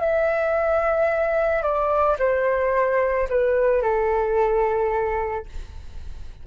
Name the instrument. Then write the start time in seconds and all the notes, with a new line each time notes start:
flute
0.00 E5
1.63 D5
2.19 C5
3.29 B4
3.82 A4